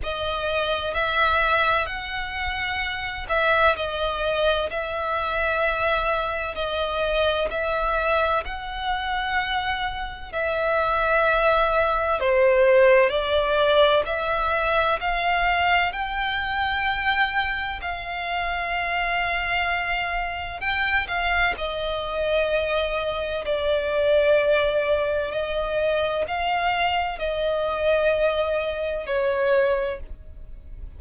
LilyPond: \new Staff \with { instrumentName = "violin" } { \time 4/4 \tempo 4 = 64 dis''4 e''4 fis''4. e''8 | dis''4 e''2 dis''4 | e''4 fis''2 e''4~ | e''4 c''4 d''4 e''4 |
f''4 g''2 f''4~ | f''2 g''8 f''8 dis''4~ | dis''4 d''2 dis''4 | f''4 dis''2 cis''4 | }